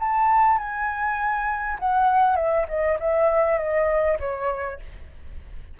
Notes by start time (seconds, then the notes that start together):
0.00 A5
0.58 G#5
1.80 F#5
2.36 E5
2.69 D#5
3.00 E5
3.58 D#5
4.20 C#5